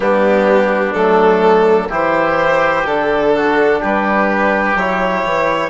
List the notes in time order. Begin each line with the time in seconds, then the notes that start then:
0.00 G3 B3 D4 G4
0.93 F#3 A3 A4
1.89 E3 E4 G4 C5
2.86 D3 D4 A4
3.36 F#4
3.80 G3 G4 B4
4.75 F#3 E4 C#5
5.24 E3